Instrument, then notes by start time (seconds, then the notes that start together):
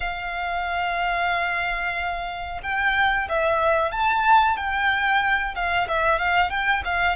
violin
0.00 F5
2.62 G5
3.28 E5
3.91 A5
4.57 G5
5.55 F5
5.88 E5
6.18 F5
6.50 G5
6.84 F5